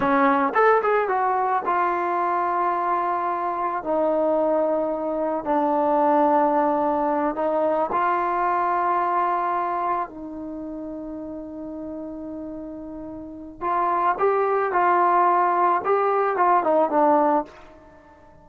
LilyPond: \new Staff \with { instrumentName = "trombone" } { \time 4/4 \tempo 4 = 110 cis'4 a'8 gis'8 fis'4 f'4~ | f'2. dis'4~ | dis'2 d'2~ | d'4. dis'4 f'4.~ |
f'2~ f'8 dis'4.~ | dis'1~ | dis'4 f'4 g'4 f'4~ | f'4 g'4 f'8 dis'8 d'4 | }